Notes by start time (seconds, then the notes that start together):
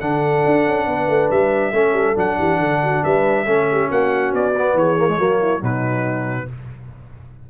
0.00 D3 D4 A4 F#5
0.45 D4
0.66 C#4
0.86 B3 B4
1.08 A3
1.30 G3 E5
1.72 A3 C#4 A4
1.92 G3
2.15 F#3 D4 F#5
2.37 E3 G4
2.59 D3 A4
2.82 F#4
3.03 G3 B4 E5
3.45 A3 C#4 A4
3.71 G4
3.89 A#3 F#4 F#5
4.32 B3 D5
4.56 B3
4.73 E3 G#4 C#5
4.97 A#3
5.07 G#3
5.17 F#3 A#3 F#4
5.41 E4
5.59 B2 F#3 D#4 B4